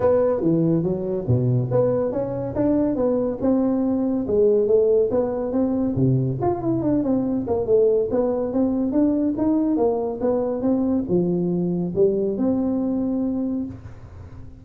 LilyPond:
\new Staff \with { instrumentName = "tuba" } { \time 4/4 \tempo 4 = 141 b4 e4 fis4 b,4 | b4 cis'4 d'4 b4 | c'2 gis4 a4 | b4 c'4 c4 f'8 e'8 |
d'8 c'4 ais8 a4 b4 | c'4 d'4 dis'4 ais4 | b4 c'4 f2 | g4 c'2. | }